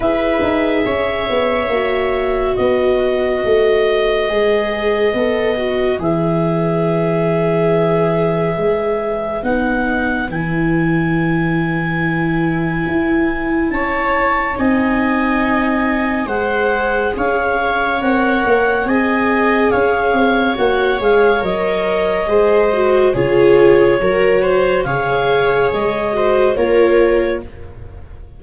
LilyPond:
<<
  \new Staff \with { instrumentName = "clarinet" } { \time 4/4 \tempo 4 = 70 e''2. dis''4~ | dis''2. e''4~ | e''2. fis''4 | gis''1 |
a''4 gis''2 fis''4 | f''4 fis''4 gis''4 f''4 | fis''8 f''8 dis''2 cis''4~ | cis''4 f''4 dis''4 cis''4 | }
  \new Staff \with { instrumentName = "viola" } { \time 4/4 b'4 cis''2 b'4~ | b'1~ | b'1~ | b'1 |
cis''4 dis''2 c''4 | cis''2 dis''4 cis''4~ | cis''2 c''4 gis'4 | ais'8 c''8 cis''4. c''8 ais'4 | }
  \new Staff \with { instrumentName = "viola" } { \time 4/4 gis'2 fis'2~ | fis'4 gis'4 a'8 fis'8 gis'4~ | gis'2. dis'4 | e'1~ |
e'4 dis'2 gis'4~ | gis'4 ais'4 gis'2 | fis'8 gis'8 ais'4 gis'8 fis'8 f'4 | fis'4 gis'4. fis'8 f'4 | }
  \new Staff \with { instrumentName = "tuba" } { \time 4/4 e'8 dis'8 cis'8 b8 ais4 b4 | a4 gis4 b4 e4~ | e2 gis4 b4 | e2. e'4 |
cis'4 c'2 gis4 | cis'4 c'8 ais8 c'4 cis'8 c'8 | ais8 gis8 fis4 gis4 cis4 | fis4 cis4 gis4 ais4 | }
>>